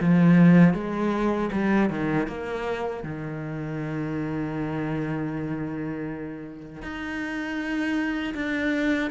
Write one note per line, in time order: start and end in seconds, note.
0.00 0.73 F3
0.73 1.49 G#3
1.52 1.90 G3
1.90 2.27 D#3
2.27 3.03 A#3
3.03 6.82 D#3
6.82 8.34 D#4
8.34 9.10 D4